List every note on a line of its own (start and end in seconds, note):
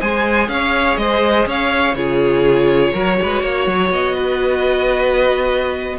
0.00 0.48 G#3
0.00 1.96 G#4
0.00 0.49 C5
0.00 0.48 G#5
0.48 0.97 C#4
0.48 1.01 C#5
0.48 0.96 F5
0.96 1.45 G#3
0.96 1.48 C5
0.96 1.45 D#5
1.46 1.94 C#4
1.46 1.96 C#5
1.46 1.94 F5
1.94 2.92 C#3
1.94 2.94 F4
1.94 2.92 G#4
1.94 3.89 C#5
2.92 3.18 F#3
2.92 5.99 F#4
2.92 3.17 A#4
3.22 3.43 G#3
3.22 3.42 B4
3.42 3.66 A#3
3.42 4.14 C#5
3.66 3.90 F#3
3.90 5.97 B3
3.90 5.99 D#5
4.14 5.97 B4